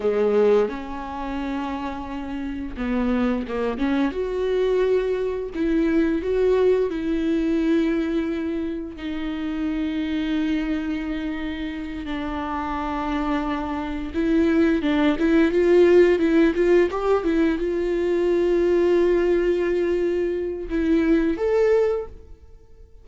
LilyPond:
\new Staff \with { instrumentName = "viola" } { \time 4/4 \tempo 4 = 87 gis4 cis'2. | b4 ais8 cis'8 fis'2 | e'4 fis'4 e'2~ | e'4 dis'2.~ |
dis'4. d'2~ d'8~ | d'8 e'4 d'8 e'8 f'4 e'8 | f'8 g'8 e'8 f'2~ f'8~ | f'2 e'4 a'4 | }